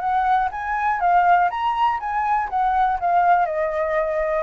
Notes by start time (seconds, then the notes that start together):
0.00 F#5
0.51 G#5
1.00 F5
1.50 A#5
2.00 G#5
2.49 F#5
3.00 F5
3.46 D#5